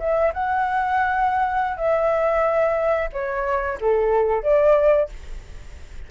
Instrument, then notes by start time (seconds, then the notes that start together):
flute
0.00 E5
0.34 F#5
1.78 E5
3.13 C#5
3.81 A4
4.44 D5